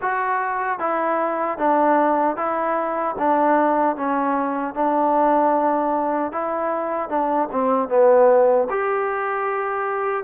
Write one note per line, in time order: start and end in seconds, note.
0.01 0.79 F#4
0.79 1.58 E4
1.58 2.36 D4
2.36 3.15 E4
3.18 3.96 D4
3.96 4.74 C#4
4.74 6.32 D4
6.32 7.09 E4
7.09 7.48 D4
7.51 7.88 C4
7.88 8.67 B3
8.69 10.24 G4